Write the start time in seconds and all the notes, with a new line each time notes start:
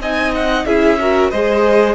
0.00 C4 D#4 D#5 G#5
0.35 F#5
0.66 C#4 E4 G#4 E5
1.00 F#4 A#4
1.31 G#3 G#4 C5 D#5